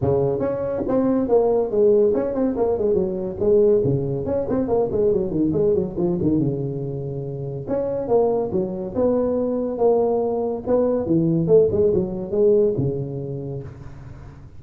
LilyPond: \new Staff \with { instrumentName = "tuba" } { \time 4/4 \tempo 4 = 141 cis4 cis'4 c'4 ais4 | gis4 cis'8 c'8 ais8 gis8 fis4 | gis4 cis4 cis'8 c'8 ais8 gis8 | fis8 dis8 gis8 fis8 f8 dis8 cis4~ |
cis2 cis'4 ais4 | fis4 b2 ais4~ | ais4 b4 e4 a8 gis8 | fis4 gis4 cis2 | }